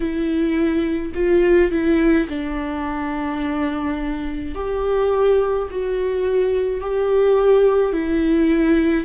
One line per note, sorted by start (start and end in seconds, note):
0.00 1.12 E4
1.14 1.71 F4
1.71 2.27 E4
2.28 4.54 D4
4.54 5.68 G4
5.70 6.80 F#4
6.80 7.92 G4
7.92 9.05 E4